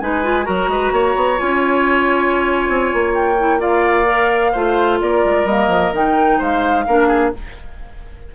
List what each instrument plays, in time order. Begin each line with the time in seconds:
0.00 bassoon G#3, clarinet D#4, oboe B4, flute G#5
0.24 clarinet F4
0.44 bassoon F#3, clarinet F#4, oboe A#4, flute A#5
0.68 bassoon G#3, oboe B4
0.92 bassoon A#3, oboe C#5
1.16 bassoon B3
1.38 bassoon C#4, clarinet F4, flute G#5
2.69 bassoon C4
2.93 bassoon A#3
3.14 flute G5
3.39 clarinet E4
3.59 clarinet F4, oboe D5, flute F5
4.06 clarinet A#4
4.52 bassoon A3, clarinet F4, oboe C5
5.01 bassoon A#3, oboe A#4, flute D5
5.25 bassoon G#3
5.45 bassoon G3, clarinet A#3, flute D#5
5.68 bassoon F3
5.93 bassoon D#3, clarinet D#4, flute G5
6.38 bassoon G#3, oboe C5, flute F5
6.87 bassoon A#3, clarinet D4, oboe A#4
7.08 oboe G#4